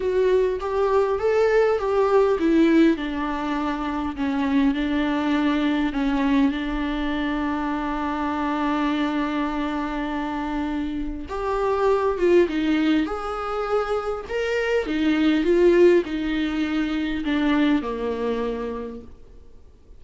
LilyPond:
\new Staff \with { instrumentName = "viola" } { \time 4/4 \tempo 4 = 101 fis'4 g'4 a'4 g'4 | e'4 d'2 cis'4 | d'2 cis'4 d'4~ | d'1~ |
d'2. g'4~ | g'8 f'8 dis'4 gis'2 | ais'4 dis'4 f'4 dis'4~ | dis'4 d'4 ais2 | }